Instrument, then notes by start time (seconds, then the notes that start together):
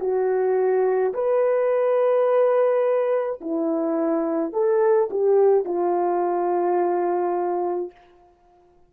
horn
0.00 F#4
1.14 B4
3.41 E4
4.53 A4
5.10 G4
5.64 F4